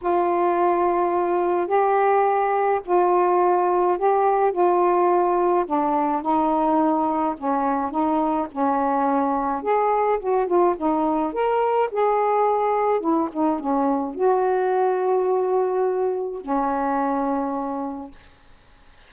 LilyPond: \new Staff \with { instrumentName = "saxophone" } { \time 4/4 \tempo 4 = 106 f'2. g'4~ | g'4 f'2 g'4 | f'2 d'4 dis'4~ | dis'4 cis'4 dis'4 cis'4~ |
cis'4 gis'4 fis'8 f'8 dis'4 | ais'4 gis'2 e'8 dis'8 | cis'4 fis'2.~ | fis'4 cis'2. | }